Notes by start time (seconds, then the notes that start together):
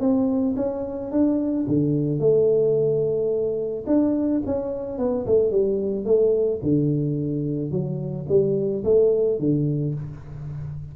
0.00 C4
0.56 C#4
1.11 D4
1.67 D3
2.19 A3
3.87 D4
4.46 C#4
4.98 B3
5.26 A3
5.51 G3
6.05 A3
6.63 D3
7.71 F#3
8.28 G3
8.84 A3
9.39 D3